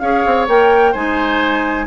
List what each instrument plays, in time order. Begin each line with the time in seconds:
0.00 bassoon C#4, clarinet G#4, oboe C#5, flute F5
0.26 bassoon C4
0.48 bassoon A#3, clarinet A#4, flute G5
0.92 bassoon G#3, clarinet D#4, oboe C5, flute G#5